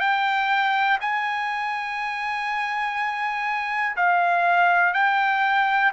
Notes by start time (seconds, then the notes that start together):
0.00 G5
1.01 G#5
3.97 F5
4.94 G5